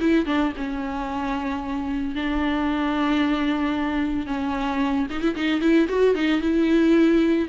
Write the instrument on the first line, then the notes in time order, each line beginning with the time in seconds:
viola
0.00 E4
0.27 D4
0.58 C#4
2.16 D4
4.27 C#4
5.11 D#4
5.22 E4
5.36 D#4
5.61 E4
5.89 F#4
6.15 D#4
6.41 E4